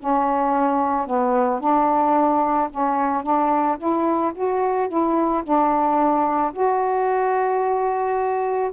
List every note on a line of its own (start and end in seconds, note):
0.00 1.07 C#4
1.07 1.61 B3
1.61 2.70 D4
2.71 3.23 C#4
3.23 3.78 D4
3.78 4.33 E4
4.35 4.89 F#4
4.89 5.43 E4
5.44 6.53 D4
6.53 8.71 F#4